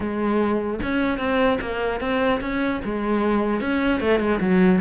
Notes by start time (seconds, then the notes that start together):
0.00 G#3
0.82 C#4
1.18 C4
1.61 A#3
2.00 C4
2.40 C#4
2.84 G#3
3.61 C#4
4.00 A3
4.19 G#3
4.40 F#3